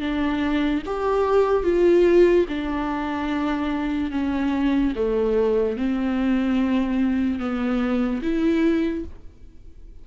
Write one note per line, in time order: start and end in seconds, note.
0.00 0.82 D4
0.86 1.63 G4
1.63 2.45 F4
2.48 4.11 D4
4.11 4.93 C#4
4.95 5.76 A3
5.76 7.39 C4
7.39 8.21 B3
8.22 9.04 E4